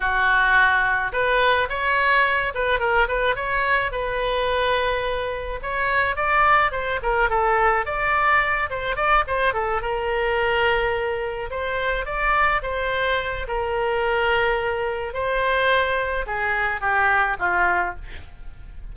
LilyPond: \new Staff \with { instrumentName = "oboe" } { \time 4/4 \tempo 4 = 107 fis'2 b'4 cis''4~ | cis''8 b'8 ais'8 b'8 cis''4 b'4~ | b'2 cis''4 d''4 | c''8 ais'8 a'4 d''4. c''8 |
d''8 c''8 a'8 ais'2~ ais'8~ | ais'8 c''4 d''4 c''4. | ais'2. c''4~ | c''4 gis'4 g'4 f'4 | }